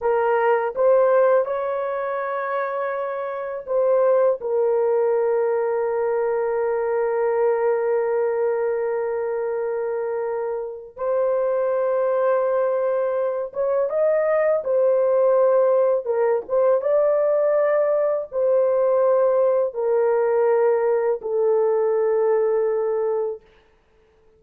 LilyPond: \new Staff \with { instrumentName = "horn" } { \time 4/4 \tempo 4 = 82 ais'4 c''4 cis''2~ | cis''4 c''4 ais'2~ | ais'1~ | ais'2. c''4~ |
c''2~ c''8 cis''8 dis''4 | c''2 ais'8 c''8 d''4~ | d''4 c''2 ais'4~ | ais'4 a'2. | }